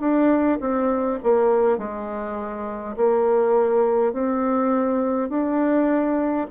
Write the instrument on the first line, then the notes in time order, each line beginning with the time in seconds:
bassoon
0.00 D4
0.60 C4
1.23 A#3
1.78 G#3
2.97 A#3
4.13 C4
5.29 D4